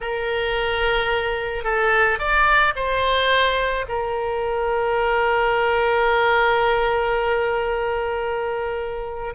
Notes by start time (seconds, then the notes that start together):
0.01 A#4
1.64 A4
2.18 D5
2.75 C5
3.88 A#4